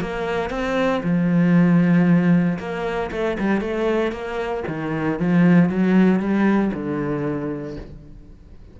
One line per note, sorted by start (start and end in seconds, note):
0.00 0.49 A#3
0.49 1.01 C4
1.03 2.58 F3
2.58 3.10 A#3
3.11 3.37 A3
3.39 3.60 G3
3.60 4.12 A3
4.12 4.63 A#3
4.67 5.19 D#3
5.19 5.69 F3
5.69 6.19 F#3
6.19 6.71 G3
6.73 7.77 D3